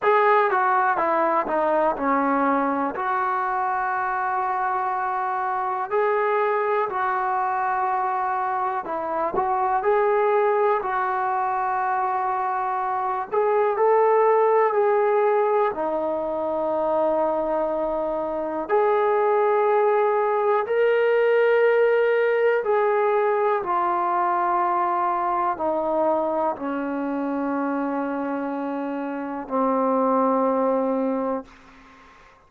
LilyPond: \new Staff \with { instrumentName = "trombone" } { \time 4/4 \tempo 4 = 61 gis'8 fis'8 e'8 dis'8 cis'4 fis'4~ | fis'2 gis'4 fis'4~ | fis'4 e'8 fis'8 gis'4 fis'4~ | fis'4. gis'8 a'4 gis'4 |
dis'2. gis'4~ | gis'4 ais'2 gis'4 | f'2 dis'4 cis'4~ | cis'2 c'2 | }